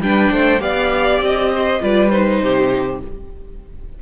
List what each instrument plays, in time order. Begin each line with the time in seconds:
0.00 cello G3, viola D4, violin B4 G5
0.31 cello A3, violin C5
0.59 cello B3, viola G4, violin D5 F5
1.20 cello C4, violin D#5
1.52 violin C5
1.80 cello G3, viola F4, violin B4 D5
2.09 viola D#4, violin C5
2.41 cello C3, violin G4